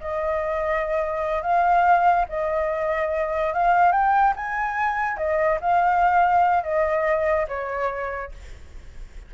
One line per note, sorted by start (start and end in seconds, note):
0.00 1.42 D#5
1.42 2.25 F5
2.29 3.53 D#5
3.53 3.92 F5
3.92 4.34 G5
4.36 5.17 G#5
5.17 5.59 D#5
5.60 6.63 F5
6.63 7.47 D#5
7.48 8.31 C#5